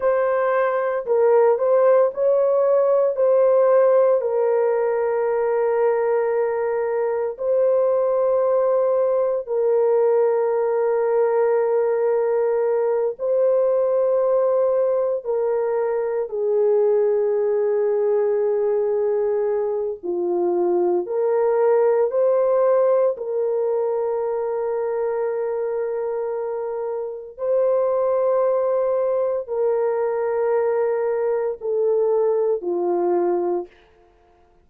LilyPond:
\new Staff \with { instrumentName = "horn" } { \time 4/4 \tempo 4 = 57 c''4 ais'8 c''8 cis''4 c''4 | ais'2. c''4~ | c''4 ais'2.~ | ais'8 c''2 ais'4 gis'8~ |
gis'2. f'4 | ais'4 c''4 ais'2~ | ais'2 c''2 | ais'2 a'4 f'4 | }